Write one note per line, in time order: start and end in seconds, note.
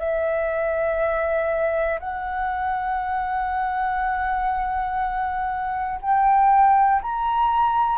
0.00 2.00 E5
2.00 6.00 F#5
6.02 7.02 G5
7.03 7.99 A#5